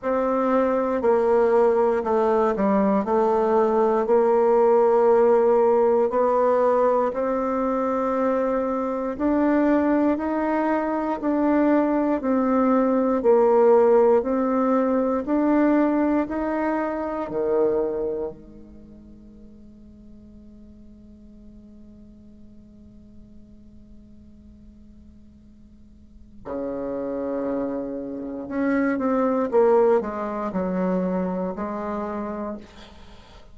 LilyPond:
\new Staff \with { instrumentName = "bassoon" } { \time 4/4 \tempo 4 = 59 c'4 ais4 a8 g8 a4 | ais2 b4 c'4~ | c'4 d'4 dis'4 d'4 | c'4 ais4 c'4 d'4 |
dis'4 dis4 gis2~ | gis1~ | gis2 cis2 | cis'8 c'8 ais8 gis8 fis4 gis4 | }